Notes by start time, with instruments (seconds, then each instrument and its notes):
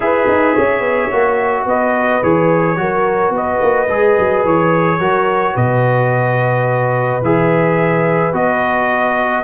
0.00 tuba E4, trombone G#4, horn B4, trumpet E5
0.27 tuba D#4
0.54 tuba C#4, horn C#5
0.80 tuba B3
1.11 tuba A#3, trombone F#4
1.65 tuba B3, horn B4, trumpet D#5
2.23 tuba E3, trombone G#4, trumpet C#5
2.77 tuba F#3, trombone F#4, horn A#4
3.30 tuba B3, trumpet D#5
3.36 horn B4
3.61 tuba A#3
3.88 tuba G#3, trombone G#4
4.18 tuba F#3
4.45 tuba E3, trumpet C#5
5.00 tuba F#3, trombone F#4, horn A#4
5.53 tuba B2, horn B4, trumpet D#5
7.22 tuba E3, trombone G#4, trumpet E5
8.32 tuba B3, trombone F#4, trumpet D#5